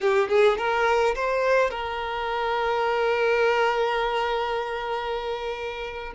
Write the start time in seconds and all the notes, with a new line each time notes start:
0.00 G4
0.29 G#4
0.57 A#4
1.15 C5
1.70 A#4